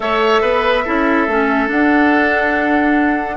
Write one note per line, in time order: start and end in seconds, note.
0.00 0.41 A3
0.00 0.83 A4
0.00 0.41 C#5
0.00 1.68 E5
0.41 0.84 B3
0.41 0.84 B4
0.84 1.27 C#4
0.84 1.27 E4
0.84 3.36 A4
1.27 1.69 A3
1.27 1.67 C#4
1.67 3.36 D4
1.67 3.36 F#5